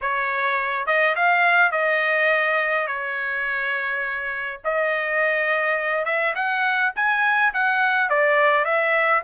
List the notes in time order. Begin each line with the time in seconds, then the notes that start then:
0.01 C#5
0.86 D#5
1.15 F5
1.72 D#5
2.87 C#5
4.64 D#5
6.05 E5
6.35 F#5
6.95 G#5
7.53 F#5
8.09 D5
8.64 E5